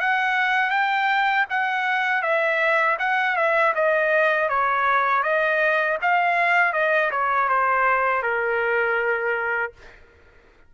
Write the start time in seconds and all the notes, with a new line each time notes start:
0.00 F#5
0.70 G5
1.49 F#5
2.22 E5
2.99 F#5
3.35 E5
3.74 D#5
4.49 C#5
5.23 D#5
6.01 F5
6.73 D#5
7.10 C#5
7.48 C5
8.22 A#4